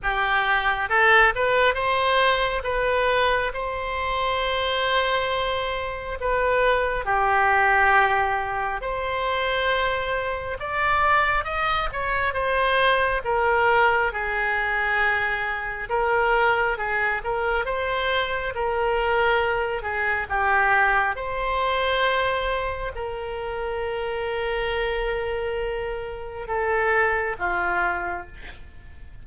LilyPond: \new Staff \with { instrumentName = "oboe" } { \time 4/4 \tempo 4 = 68 g'4 a'8 b'8 c''4 b'4 | c''2. b'4 | g'2 c''2 | d''4 dis''8 cis''8 c''4 ais'4 |
gis'2 ais'4 gis'8 ais'8 | c''4 ais'4. gis'8 g'4 | c''2 ais'2~ | ais'2 a'4 f'4 | }